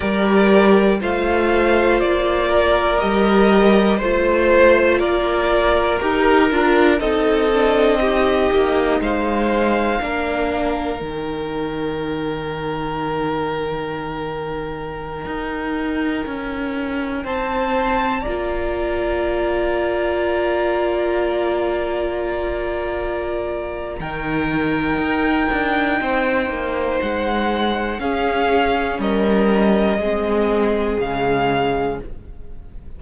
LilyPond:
<<
  \new Staff \with { instrumentName = "violin" } { \time 4/4 \tempo 4 = 60 d''4 f''4 d''4 dis''4 | c''4 d''4 ais'4 dis''4~ | dis''4 f''2 g''4~ | g''1~ |
g''4~ g''16 a''4 ais''4.~ ais''16~ | ais''1 | g''2. fis''4 | f''4 dis''2 f''4 | }
  \new Staff \with { instrumentName = "violin" } { \time 4/4 ais'4 c''4. ais'4. | c''4 ais'2 a'4 | g'4 c''4 ais'2~ | ais'1~ |
ais'4~ ais'16 c''4 d''4.~ d''16~ | d''1 | ais'2 c''2 | gis'4 ais'4 gis'2 | }
  \new Staff \with { instrumentName = "viola" } { \time 4/4 g'4 f'2 g'4 | f'2 g'8 f'8 dis'8 d'8 | dis'2 d'4 dis'4~ | dis'1~ |
dis'2~ dis'16 f'4.~ f'16~ | f'1 | dis'1 | cis'2 c'4 gis4 | }
  \new Staff \with { instrumentName = "cello" } { \time 4/4 g4 a4 ais4 g4 | a4 ais4 dis'8 d'8 c'4~ | c'8 ais8 gis4 ais4 dis4~ | dis2.~ dis16 dis'8.~ |
dis'16 cis'4 c'4 ais4.~ ais16~ | ais1 | dis4 dis'8 d'8 c'8 ais8 gis4 | cis'4 g4 gis4 cis4 | }
>>